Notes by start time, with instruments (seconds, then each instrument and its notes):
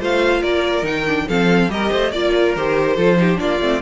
0.00 cello A3, viola F4, violin C5 F5
0.41 cello A#3, violin A#4 D5
0.83 cello D#3, viola D#4, violin G5
1.07 viola D4
1.28 cello F3, viola C4, violin A4 F5
1.69 cello G3, viola G4, violin A#4 D#5
1.91 cello A3, violin C5
2.12 cello A#3, viola F4, violin D5
2.35 violin A#4
2.56 cello D#3, viola G4, violin C5
2.96 cello F3, viola F4, violin A4
3.17 viola D#4, violin G4
3.36 cello A#3, viola D4, violin F4 D5
3.61 cello A3, viola C4